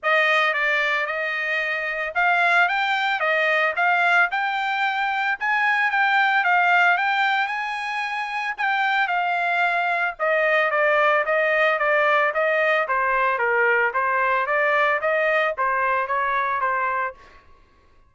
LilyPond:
\new Staff \with { instrumentName = "trumpet" } { \time 4/4 \tempo 4 = 112 dis''4 d''4 dis''2 | f''4 g''4 dis''4 f''4 | g''2 gis''4 g''4 | f''4 g''4 gis''2 |
g''4 f''2 dis''4 | d''4 dis''4 d''4 dis''4 | c''4 ais'4 c''4 d''4 | dis''4 c''4 cis''4 c''4 | }